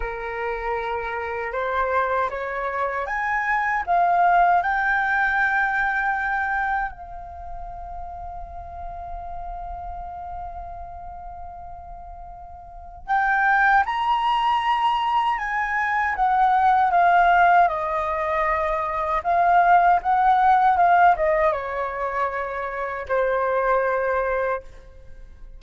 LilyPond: \new Staff \with { instrumentName = "flute" } { \time 4/4 \tempo 4 = 78 ais'2 c''4 cis''4 | gis''4 f''4 g''2~ | g''4 f''2.~ | f''1~ |
f''4 g''4 ais''2 | gis''4 fis''4 f''4 dis''4~ | dis''4 f''4 fis''4 f''8 dis''8 | cis''2 c''2 | }